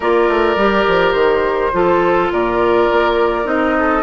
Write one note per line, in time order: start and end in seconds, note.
0.00 0.28 A#3
0.00 0.58 F4
0.00 1.72 A#4
0.00 1.12 D5
0.28 0.56 A3
0.56 0.85 G3
0.56 1.73 G4
0.87 1.14 F3
1.12 1.71 D#3
1.12 2.27 C5
1.73 2.31 F3
1.73 3.44 F4
1.73 2.32 A4
2.31 2.89 A#2
2.31 3.76 A#4
2.31 3.47 D5
2.91 3.45 A#3
3.44 4.02 C4
3.44 4.02 D#4
3.44 4.02 D#5
3.78 4.02 A4